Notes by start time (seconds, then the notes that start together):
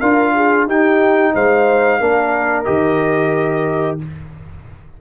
0.00 D4 F4 A#4 F5
0.35 G#4
0.67 D#4 G4 G5
1.34 G#3 C5 F5
2.00 A#3 D4 A#4
2.64 D#3 G4 D#5